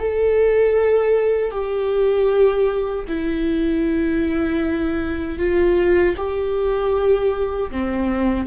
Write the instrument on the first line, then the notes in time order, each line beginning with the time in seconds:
viola
0.00 A4
1.52 G4
3.08 E4
5.39 F4
6.17 G4
7.72 C4